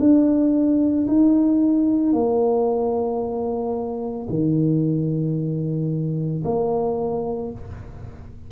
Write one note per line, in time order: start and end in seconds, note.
0.00 1.07 D4
1.08 2.14 D#4
2.14 4.28 A#3
4.30 6.44 D#3
6.45 7.52 A#3